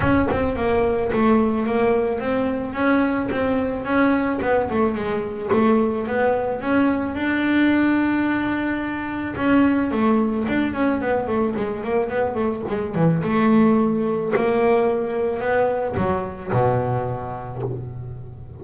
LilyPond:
\new Staff \with { instrumentName = "double bass" } { \time 4/4 \tempo 4 = 109 cis'8 c'8 ais4 a4 ais4 | c'4 cis'4 c'4 cis'4 | b8 a8 gis4 a4 b4 | cis'4 d'2.~ |
d'4 cis'4 a4 d'8 cis'8 | b8 a8 gis8 ais8 b8 a8 gis8 e8 | a2 ais2 | b4 fis4 b,2 | }